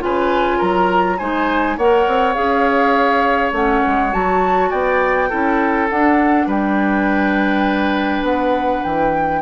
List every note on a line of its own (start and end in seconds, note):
0.00 0.61 C#3
0.00 1.18 F4
0.00 0.58 B4
0.00 0.61 G#5
0.58 1.20 F#3
0.58 1.17 A#4
0.58 1.18 A#5
1.18 1.77 G#3
1.18 1.79 D#4
1.18 1.77 C5
1.18 1.77 G#5
1.77 2.07 A#3
1.77 2.35 A#4
1.77 4.70 C#5
1.77 2.34 F#5
2.07 2.36 C4
2.34 3.52 C#4
2.34 3.53 G#4
2.34 3.52 F5
3.52 3.82 A3
3.52 4.12 C#4
3.52 4.13 F#5
3.87 4.14 G#3
4.12 4.72 F#3
4.12 5.30 F#4
4.12 4.71 A5
4.70 5.31 B3
4.70 5.29 D5
4.70 5.89 G5
5.29 5.91 C#4
5.29 5.89 E4
5.29 6.47 A4
5.90 6.46 D4
5.90 9.42 D4
5.90 6.49 F#5
6.46 8.22 G3
6.46 9.41 B4
6.46 8.25 G5
8.22 8.81 B3
8.22 8.84 F#5
8.84 9.42 E3
8.84 9.42 G5